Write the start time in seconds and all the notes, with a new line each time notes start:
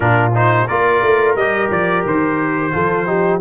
0.00 A#2 D4 F4 A#4
0.34 D#4 C5
0.65 A#3 F4 A#4 D5
1.02 A3
1.35 G3 G4 D#5
1.70 F3 D5
2.05 D#3 C5
2.71 F3 F4 A4
3.06 D#4 G4